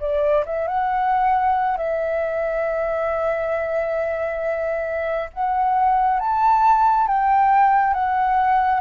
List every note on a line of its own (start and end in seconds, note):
0.00 0.44 D5
0.45 0.67 E5
0.67 1.77 F#5
1.77 5.30 E5
5.33 6.20 F#5
6.20 7.07 A5
7.07 7.93 G5
7.93 8.80 F#5